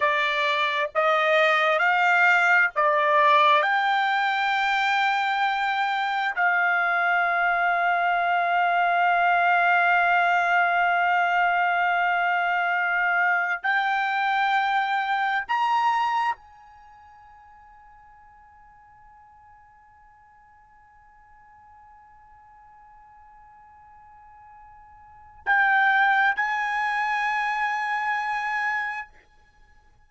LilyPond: \new Staff \with { instrumentName = "trumpet" } { \time 4/4 \tempo 4 = 66 d''4 dis''4 f''4 d''4 | g''2. f''4~ | f''1~ | f''2. g''4~ |
g''4 ais''4 gis''2~ | gis''1~ | gis''1 | g''4 gis''2. | }